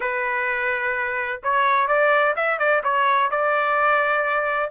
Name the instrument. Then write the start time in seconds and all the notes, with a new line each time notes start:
trumpet
0.00 B4
1.43 C#5
1.87 D5
2.35 E5
2.58 D5
2.83 C#5
3.30 D5